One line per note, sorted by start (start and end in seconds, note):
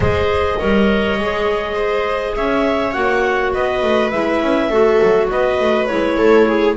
0.00 0.55 G#3
0.00 0.59 G#4
0.00 0.59 C5
0.00 2.35 D#5
0.59 1.19 G3
0.59 1.18 A#4
0.59 1.74 C#5
1.19 2.36 G#3
1.19 2.93 G#4
1.74 2.33 C5
2.35 2.95 C#4
2.35 3.53 C#5
2.35 2.92 E5
2.92 3.53 A#3
2.92 4.11 F#4
2.92 3.51 F#5
3.53 3.82 B3
3.53 4.69 B4
3.53 4.10 D#5
3.82 4.12 A3
4.10 4.41 G#3
4.10 4.71 E4
4.10 5.27 E5
4.41 4.70 C#4
4.69 5.00 A3
4.69 5.88 F#4
4.69 5.28 A4
5.02 5.30 F#3
5.30 5.59 B3
5.30 6.17 B4
5.30 5.86 D#5
5.59 5.88 A3
5.86 6.18 G#3
5.86 6.76 E4
5.86 6.74 C#5
6.17 6.76 A3
6.17 6.47 A4
6.47 6.76 G#4